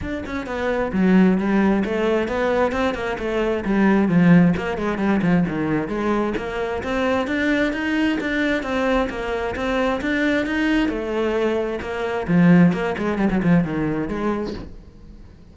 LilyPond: \new Staff \with { instrumentName = "cello" } { \time 4/4 \tempo 4 = 132 d'8 cis'8 b4 fis4 g4 | a4 b4 c'8 ais8 a4 | g4 f4 ais8 gis8 g8 f8 | dis4 gis4 ais4 c'4 |
d'4 dis'4 d'4 c'4 | ais4 c'4 d'4 dis'4 | a2 ais4 f4 | ais8 gis8 g16 fis16 f8 dis4 gis4 | }